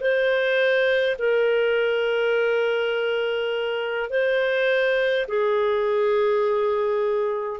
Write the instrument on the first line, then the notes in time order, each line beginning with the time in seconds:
clarinet
0.00 C5
1.18 A#4
4.09 C5
5.27 G#4